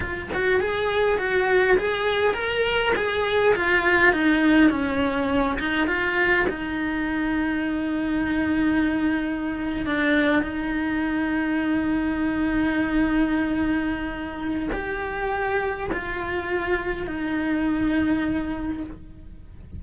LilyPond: \new Staff \with { instrumentName = "cello" } { \time 4/4 \tempo 4 = 102 f'8 fis'8 gis'4 fis'4 gis'4 | ais'4 gis'4 f'4 dis'4 | cis'4. dis'8 f'4 dis'4~ | dis'1~ |
dis'8. d'4 dis'2~ dis'16~ | dis'1~ | dis'4 g'2 f'4~ | f'4 dis'2. | }